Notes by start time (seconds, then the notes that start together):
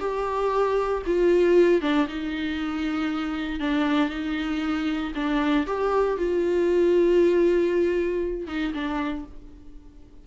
0.00 G4
1.07 F4
1.82 D4
2.08 D#4
3.60 D4
4.10 D#4
5.15 D4
5.67 G4
6.18 F4
8.48 D#4
8.74 D4